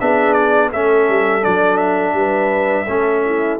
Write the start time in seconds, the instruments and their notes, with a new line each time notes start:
0.00 tuba B3, trombone D4, horn G#4, trumpet E5
0.33 trumpet D5
0.69 tuba A3, trombone C#4, horn A4, trumpet E5
1.09 tuba G3
1.41 tuba F#3, trombone D4, trumpet D5
1.77 trumpet E5
2.13 tuba G3, horn B4
2.85 tuba A3, trombone C#4, horn A4
3.25 horn E4